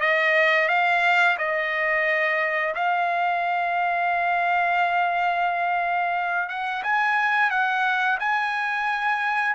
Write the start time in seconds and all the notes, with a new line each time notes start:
0.00 D#5
0.68 F5
1.38 D#5
2.75 F5
6.49 F#5
6.83 G#5
7.50 F#5
8.19 G#5